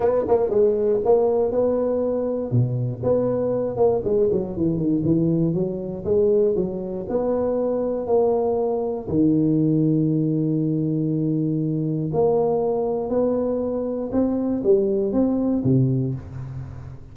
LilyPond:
\new Staff \with { instrumentName = "tuba" } { \time 4/4 \tempo 4 = 119 b8 ais8 gis4 ais4 b4~ | b4 b,4 b4. ais8 | gis8 fis8 e8 dis8 e4 fis4 | gis4 fis4 b2 |
ais2 dis2~ | dis1 | ais2 b2 | c'4 g4 c'4 c4 | }